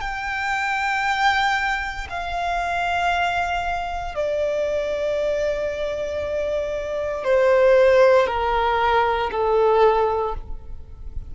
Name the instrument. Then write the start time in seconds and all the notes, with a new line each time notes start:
violin
0.00 G5
2.09 F5
4.14 D5
7.24 C5
8.27 A#4
9.31 A4